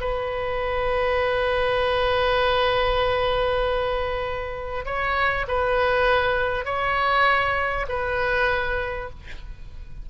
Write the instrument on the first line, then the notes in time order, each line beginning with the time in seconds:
oboe
0.00 B4
4.85 C#5
5.47 B4
6.65 C#5
7.88 B4